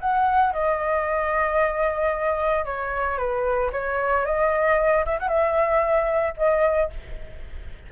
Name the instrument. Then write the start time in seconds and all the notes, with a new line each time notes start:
flute
0.00 F#5
0.53 D#5
2.65 C#5
3.17 B4
3.72 C#5
4.25 D#5
5.05 E5
5.19 F#5
5.28 E5
6.37 D#5